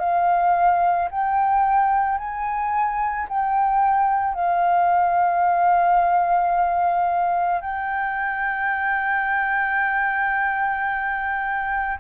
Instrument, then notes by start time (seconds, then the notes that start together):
flute
0.00 F5
1.11 G5
2.18 G#5
3.29 G5
4.35 F5
7.62 G5